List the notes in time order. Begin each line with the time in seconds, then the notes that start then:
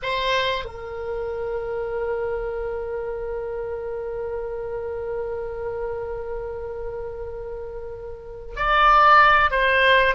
0.02 C5
0.64 A#4
8.56 D5
9.50 C5